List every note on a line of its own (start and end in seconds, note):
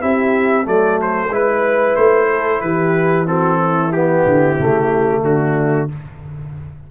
0.00 0.67 C4
0.00 0.64 E4
0.00 0.66 G4
0.00 0.66 E5
0.64 1.29 F#3
0.64 1.29 A3
0.64 1.31 A4
0.64 1.00 D5
1.01 1.34 C5
1.29 1.94 G#3
1.29 3.26 E4
1.29 2.29 B4
1.29 1.96 B4
1.96 2.61 A3
1.96 2.61 C5
2.29 2.61 A4
2.61 4.24 E3
2.61 3.28 G4
2.61 3.26 B4
3.26 3.91 C4
3.26 3.57 F#4
3.26 3.92 A4
3.57 5.20 E4
3.92 4.59 B3
3.92 5.22 G4
4.26 4.59 D3
4.59 5.22 C#3
4.59 5.89 A3
5.22 5.87 D3
5.22 5.90 D4
5.22 5.89 F#4